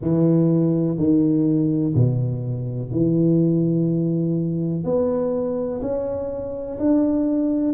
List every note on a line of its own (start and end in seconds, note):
0.01 0.97 E3
0.97 1.94 D#3
1.94 2.91 B2
2.91 4.83 E3
4.83 5.80 B3
5.81 6.78 C#4
6.78 7.73 D4